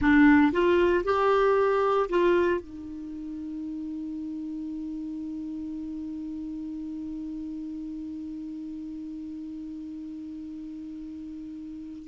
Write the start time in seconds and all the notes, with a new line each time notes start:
0.01 D4
0.52 F4
1.04 G4
2.09 F4
2.61 D#4